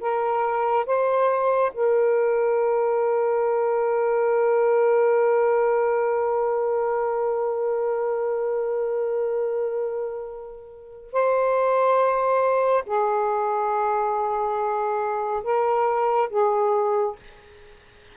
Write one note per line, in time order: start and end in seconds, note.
0.00 0.86 A#4
0.86 1.72 C5
1.74 11.12 A#4
11.12 12.84 C5
12.86 15.43 G#4
15.44 16.29 A#4
16.30 17.16 G#4